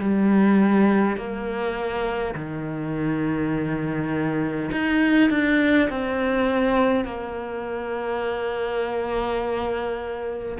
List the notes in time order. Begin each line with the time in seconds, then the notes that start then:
0.00 G3
1.17 A#3
2.35 D#3
4.72 D#4
5.30 D4
5.90 C4
7.05 A#3